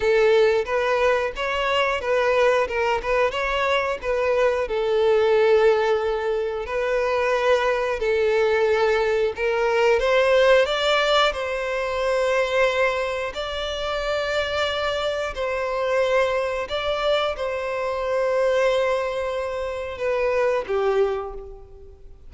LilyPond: \new Staff \with { instrumentName = "violin" } { \time 4/4 \tempo 4 = 90 a'4 b'4 cis''4 b'4 | ais'8 b'8 cis''4 b'4 a'4~ | a'2 b'2 | a'2 ais'4 c''4 |
d''4 c''2. | d''2. c''4~ | c''4 d''4 c''2~ | c''2 b'4 g'4 | }